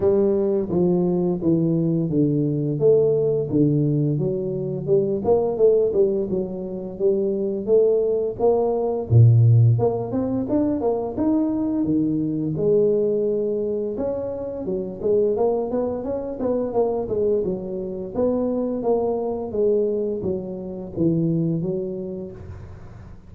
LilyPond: \new Staff \with { instrumentName = "tuba" } { \time 4/4 \tempo 4 = 86 g4 f4 e4 d4 | a4 d4 fis4 g8 ais8 | a8 g8 fis4 g4 a4 | ais4 ais,4 ais8 c'8 d'8 ais8 |
dis'4 dis4 gis2 | cis'4 fis8 gis8 ais8 b8 cis'8 b8 | ais8 gis8 fis4 b4 ais4 | gis4 fis4 e4 fis4 | }